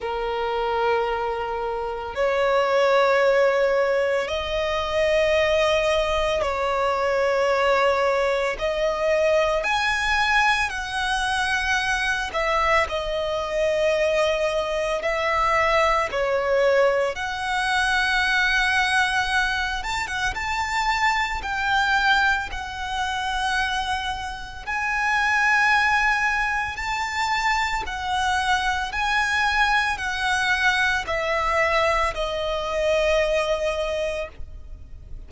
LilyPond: \new Staff \with { instrumentName = "violin" } { \time 4/4 \tempo 4 = 56 ais'2 cis''2 | dis''2 cis''2 | dis''4 gis''4 fis''4. e''8 | dis''2 e''4 cis''4 |
fis''2~ fis''8 a''16 fis''16 a''4 | g''4 fis''2 gis''4~ | gis''4 a''4 fis''4 gis''4 | fis''4 e''4 dis''2 | }